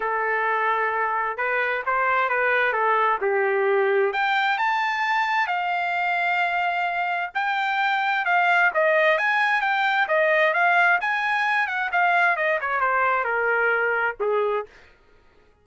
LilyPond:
\new Staff \with { instrumentName = "trumpet" } { \time 4/4 \tempo 4 = 131 a'2. b'4 | c''4 b'4 a'4 g'4~ | g'4 g''4 a''2 | f''1 |
g''2 f''4 dis''4 | gis''4 g''4 dis''4 f''4 | gis''4. fis''8 f''4 dis''8 cis''8 | c''4 ais'2 gis'4 | }